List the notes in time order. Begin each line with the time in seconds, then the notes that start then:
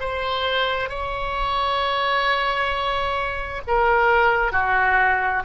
0.00 C5
0.89 C#5
3.67 A#4
4.52 F#4